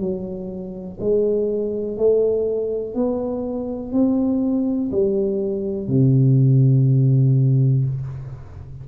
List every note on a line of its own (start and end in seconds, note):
0.00 0.98 F#3
1.00 1.98 G#3
1.98 2.95 A3
2.95 3.92 B3
3.92 4.90 C4
4.91 5.88 G3
5.88 7.85 C3